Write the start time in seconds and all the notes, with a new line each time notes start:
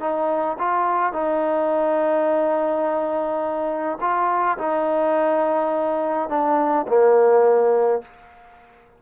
0.00 D#4
0.59 F4
1.13 D#4
4.01 F4
4.58 D#4
6.29 D4
6.88 A#3